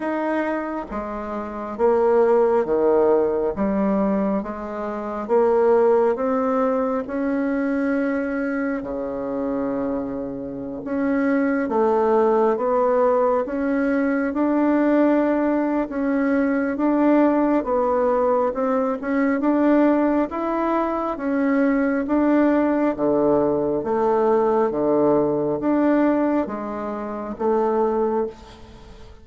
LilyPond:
\new Staff \with { instrumentName = "bassoon" } { \time 4/4 \tempo 4 = 68 dis'4 gis4 ais4 dis4 | g4 gis4 ais4 c'4 | cis'2 cis2~ | cis16 cis'4 a4 b4 cis'8.~ |
cis'16 d'4.~ d'16 cis'4 d'4 | b4 c'8 cis'8 d'4 e'4 | cis'4 d'4 d4 a4 | d4 d'4 gis4 a4 | }